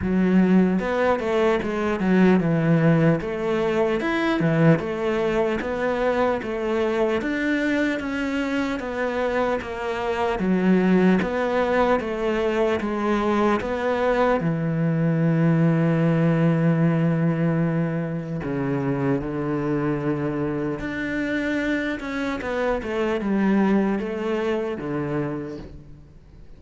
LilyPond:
\new Staff \with { instrumentName = "cello" } { \time 4/4 \tempo 4 = 75 fis4 b8 a8 gis8 fis8 e4 | a4 e'8 e8 a4 b4 | a4 d'4 cis'4 b4 | ais4 fis4 b4 a4 |
gis4 b4 e2~ | e2. cis4 | d2 d'4. cis'8 | b8 a8 g4 a4 d4 | }